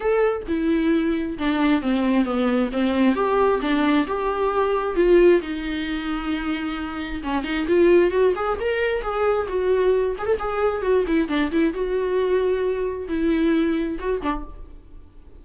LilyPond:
\new Staff \with { instrumentName = "viola" } { \time 4/4 \tempo 4 = 133 a'4 e'2 d'4 | c'4 b4 c'4 g'4 | d'4 g'2 f'4 | dis'1 |
cis'8 dis'8 f'4 fis'8 gis'8 ais'4 | gis'4 fis'4. gis'16 a'16 gis'4 | fis'8 e'8 d'8 e'8 fis'2~ | fis'4 e'2 fis'8 d'8 | }